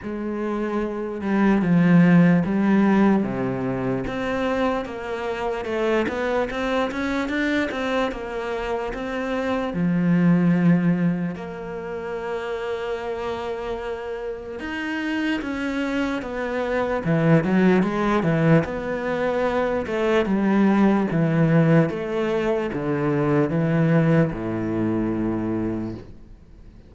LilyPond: \new Staff \with { instrumentName = "cello" } { \time 4/4 \tempo 4 = 74 gis4. g8 f4 g4 | c4 c'4 ais4 a8 b8 | c'8 cis'8 d'8 c'8 ais4 c'4 | f2 ais2~ |
ais2 dis'4 cis'4 | b4 e8 fis8 gis8 e8 b4~ | b8 a8 g4 e4 a4 | d4 e4 a,2 | }